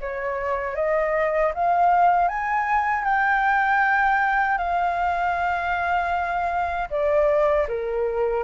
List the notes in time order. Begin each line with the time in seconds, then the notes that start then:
0.00 C#5
0.75 D#5
1.54 F5
2.28 G#5
3.04 G5
4.57 F5
6.90 D5
7.68 A#4